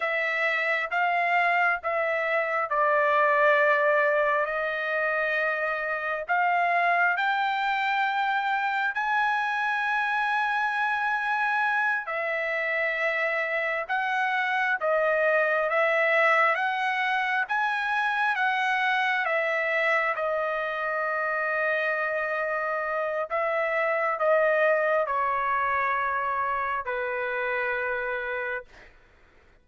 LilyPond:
\new Staff \with { instrumentName = "trumpet" } { \time 4/4 \tempo 4 = 67 e''4 f''4 e''4 d''4~ | d''4 dis''2 f''4 | g''2 gis''2~ | gis''4. e''2 fis''8~ |
fis''8 dis''4 e''4 fis''4 gis''8~ | gis''8 fis''4 e''4 dis''4.~ | dis''2 e''4 dis''4 | cis''2 b'2 | }